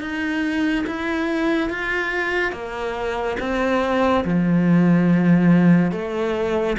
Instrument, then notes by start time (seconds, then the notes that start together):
cello
0.00 D#4
0.86 E4
1.69 F4
2.52 A#3
3.39 C4
4.24 F3
5.92 A3